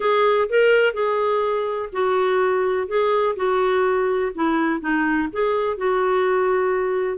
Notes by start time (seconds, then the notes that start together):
0.00 G#4
0.49 A#4
0.93 G#4
1.92 F#4
2.87 G#4
3.36 F#4
4.34 E4
4.80 D#4
5.32 G#4
5.77 F#4